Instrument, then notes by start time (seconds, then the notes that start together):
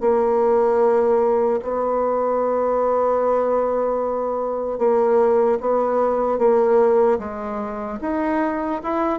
bassoon
0.00 A#3
1.62 B3
4.78 A#3
5.60 B3
6.38 A#3
7.19 G#3
8.01 D#4
8.83 E4